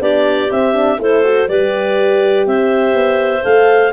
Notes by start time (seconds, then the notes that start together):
0.00 B3 D4 G4 D5
0.50 C4 E5
0.73 D4
0.98 A3 E4 A4 C5
1.24 F#4
1.48 G3 G4 B4 D5
2.46 C4 C5 E5
2.93 B3
3.42 A3 A4 F5